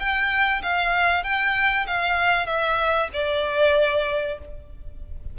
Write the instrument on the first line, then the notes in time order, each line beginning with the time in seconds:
violin
0.00 G5
0.63 F5
1.24 G5
1.87 F5
2.47 E5
3.14 D5